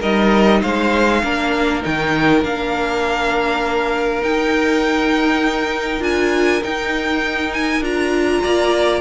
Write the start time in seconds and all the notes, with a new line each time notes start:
0.00 G3 D#4 A#4 D#5
0.62 G#3 C5 F5
1.24 A#3 D4 A#4
1.82 D#3 D#4 G5
2.42 A#3 D4 F5
4.22 D#4 G5
6.00 D4 F4 G#5
6.63 D#4 G5
7.53 G#5
7.80 D4 F4 A#5
8.43 A#3 D5